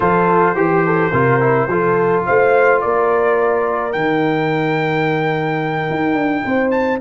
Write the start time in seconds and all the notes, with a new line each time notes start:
0.00 F3 F4 A4 C5
0.55 E3 G4
0.85 A4
1.12 C3 F4 A#4
1.40 E4
1.67 F3 F4 A4
2.25 A3 C5 F5
2.80 A#3 A#4 D5
3.92 D#3 D#4 G5
5.90 D#4
6.14 D4
6.44 C4 C5
6.70 A5